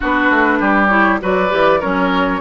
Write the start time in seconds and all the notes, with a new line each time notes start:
0.00 B3 D4 F#4 B4
0.30 A3
0.59 G3 G4
0.88 E4 C#5
1.20 F#3 F#4 B4 D5
1.49 E3 G4
1.80 F#3 C#4 A#4 C#5